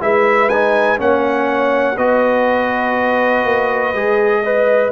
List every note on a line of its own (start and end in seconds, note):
0.00 0.99 G#3
0.00 0.49 E4
0.00 1.00 B4
0.00 0.49 E5
0.49 0.97 D#4
0.49 0.98 G#5
0.97 1.97 A#3
0.97 1.95 C#4
0.97 1.96 C#5
0.97 1.97 F#5
1.96 3.44 B3
1.96 3.94 F#4
1.96 4.42 B4
1.96 4.92 D#5
3.44 3.93 A#3
3.93 4.92 G#3
3.93 4.43 G#4
4.42 4.92 B4
4.42 4.91 D#5